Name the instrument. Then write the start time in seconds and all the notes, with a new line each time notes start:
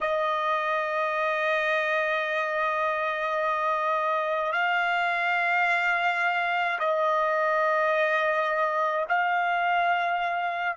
trumpet
0.00 D#5
4.52 F5
6.79 D#5
9.09 F5